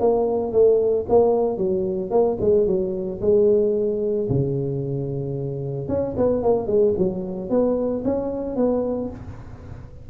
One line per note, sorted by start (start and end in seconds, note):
0.00 0.52 A#3
0.52 1.06 A3
1.09 1.58 A#3
1.58 2.11 F#3
2.11 2.37 A#3
2.41 2.67 G#3
2.67 3.20 F#3
3.21 4.28 G#3
4.29 5.88 C#3
5.88 6.15 C#4
6.17 6.43 B3
6.43 6.67 A#3
6.67 6.94 G#3
6.98 7.50 F#3
7.50 8.04 B3
8.05 8.56 C#4
8.56 9.10 B3